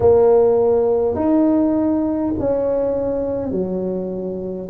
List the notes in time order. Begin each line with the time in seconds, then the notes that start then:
0.00 A#3
1.15 D#4
2.39 C#4
3.51 F#3